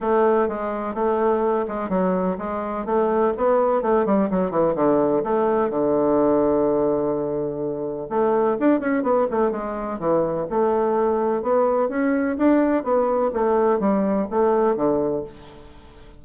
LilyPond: \new Staff \with { instrumentName = "bassoon" } { \time 4/4 \tempo 4 = 126 a4 gis4 a4. gis8 | fis4 gis4 a4 b4 | a8 g8 fis8 e8 d4 a4 | d1~ |
d4 a4 d'8 cis'8 b8 a8 | gis4 e4 a2 | b4 cis'4 d'4 b4 | a4 g4 a4 d4 | }